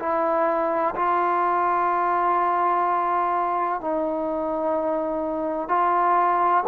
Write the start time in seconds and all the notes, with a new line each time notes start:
0.00 E4
0.96 F4
3.81 D#4
5.69 F4